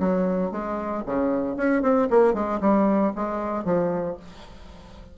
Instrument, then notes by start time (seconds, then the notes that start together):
bassoon
0.00 F#3
0.52 G#3
1.06 C#3
1.57 C#4
1.82 C4
2.10 A#3
2.34 G#3
2.61 G3
3.15 G#3
3.65 F3